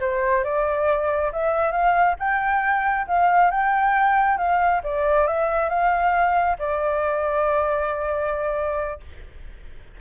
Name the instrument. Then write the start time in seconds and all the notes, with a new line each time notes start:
flute
0.00 C5
0.44 D5
1.32 E5
1.72 F5
2.19 G5
3.07 F5
3.51 G5
4.38 F5
4.84 D5
5.27 E5
5.69 F5
6.59 D5